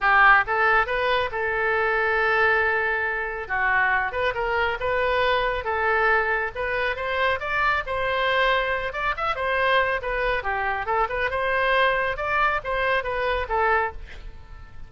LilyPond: \new Staff \with { instrumentName = "oboe" } { \time 4/4 \tempo 4 = 138 g'4 a'4 b'4 a'4~ | a'1 | fis'4. b'8 ais'4 b'4~ | b'4 a'2 b'4 |
c''4 d''4 c''2~ | c''8 d''8 e''8 c''4. b'4 | g'4 a'8 b'8 c''2 | d''4 c''4 b'4 a'4 | }